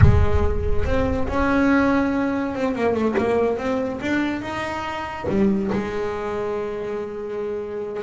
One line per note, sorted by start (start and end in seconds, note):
0.01 0.85 G#3
0.85 1.27 C4
1.28 2.54 C#4
2.54 2.75 C4
2.75 2.94 A#3
2.94 3.15 A3
3.18 3.57 A#3
3.57 3.99 C4
4.01 4.41 D4
4.41 5.25 D#4
5.28 5.70 G3
5.72 8.02 G#3